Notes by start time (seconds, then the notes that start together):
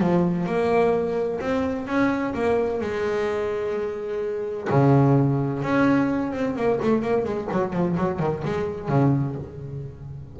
0.00 F3
0.46 A#3
1.40 C4
1.87 C#4
2.34 A#3
2.81 G#3
4.70 C#3
5.63 C#4
6.33 C4
6.56 A#3
6.82 A3
7.02 A#3
7.25 G#3
7.52 F#3
7.73 F3
7.97 F#3
8.19 D#3
8.45 G#3
8.89 C#3